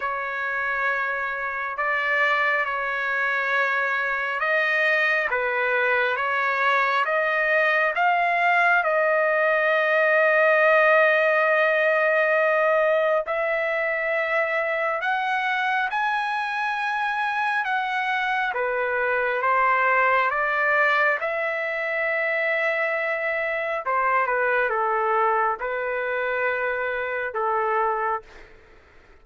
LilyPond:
\new Staff \with { instrumentName = "trumpet" } { \time 4/4 \tempo 4 = 68 cis''2 d''4 cis''4~ | cis''4 dis''4 b'4 cis''4 | dis''4 f''4 dis''2~ | dis''2. e''4~ |
e''4 fis''4 gis''2 | fis''4 b'4 c''4 d''4 | e''2. c''8 b'8 | a'4 b'2 a'4 | }